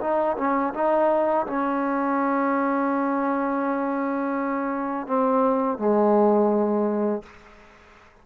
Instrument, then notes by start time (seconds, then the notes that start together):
trombone
0.00 D#4
0.37 C#4
0.74 D#4
1.46 C#4
5.07 C4
5.78 G#3